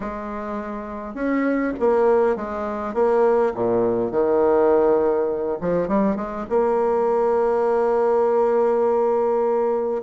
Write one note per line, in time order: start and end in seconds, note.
0.00 1.14 G#3
1.14 1.73 C#4
1.79 2.36 A#3
2.36 2.94 G#3
2.94 3.53 A#3
3.54 4.11 A#2
4.11 5.58 D#3
5.60 5.88 F3
5.88 6.16 G3
6.16 6.45 G#3
6.49 10.02 A#3